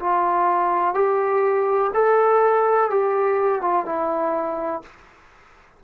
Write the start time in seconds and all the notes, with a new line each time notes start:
0.00 F4
0.94 G4
1.94 A4
2.90 G4
3.61 F4
3.85 E4